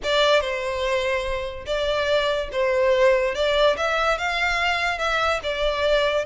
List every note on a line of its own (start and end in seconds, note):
0.03 0.40 D5
0.40 1.65 C5
1.66 2.49 D5
2.52 3.34 C5
3.34 3.76 D5
3.77 4.18 E5
4.18 4.98 F5
4.98 5.40 E5
5.43 6.25 D5